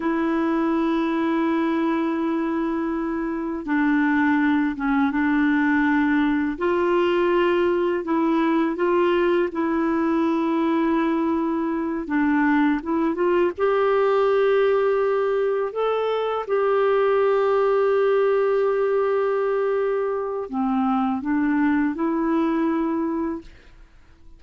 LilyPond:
\new Staff \with { instrumentName = "clarinet" } { \time 4/4 \tempo 4 = 82 e'1~ | e'4 d'4. cis'8 d'4~ | d'4 f'2 e'4 | f'4 e'2.~ |
e'8 d'4 e'8 f'8 g'4.~ | g'4. a'4 g'4.~ | g'1 | c'4 d'4 e'2 | }